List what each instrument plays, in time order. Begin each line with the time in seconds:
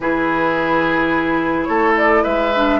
0.00 bassoon E3, clarinet E4, oboe G#4, flute B4
1.64 bassoon A3, oboe A4, flute C#5
1.97 flute D5
2.23 bassoon G#3, oboe B4, flute E5
2.54 clarinet D4